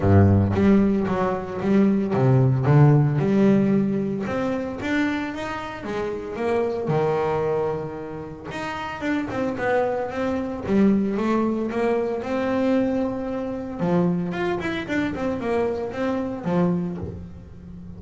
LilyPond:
\new Staff \with { instrumentName = "double bass" } { \time 4/4 \tempo 4 = 113 g,4 g4 fis4 g4 | c4 d4 g2 | c'4 d'4 dis'4 gis4 | ais4 dis2. |
dis'4 d'8 c'8 b4 c'4 | g4 a4 ais4 c'4~ | c'2 f4 f'8 e'8 | d'8 c'8 ais4 c'4 f4 | }